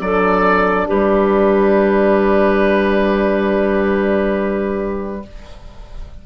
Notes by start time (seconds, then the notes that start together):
0.00 F#3 D4 A4 D5
0.87 G3 G4 B4